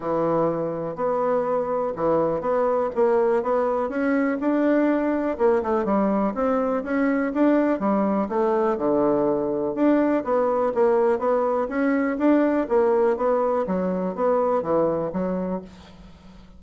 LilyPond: \new Staff \with { instrumentName = "bassoon" } { \time 4/4 \tempo 4 = 123 e2 b2 | e4 b4 ais4 b4 | cis'4 d'2 ais8 a8 | g4 c'4 cis'4 d'4 |
g4 a4 d2 | d'4 b4 ais4 b4 | cis'4 d'4 ais4 b4 | fis4 b4 e4 fis4 | }